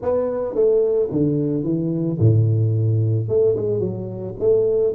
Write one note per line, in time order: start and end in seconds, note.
0.01 0.54 B3
0.54 1.09 A3
1.11 1.63 D3
1.63 2.18 E3
2.19 3.28 A2
3.28 3.55 A3
3.56 3.79 G#3
3.79 4.34 F#3
4.39 4.93 A3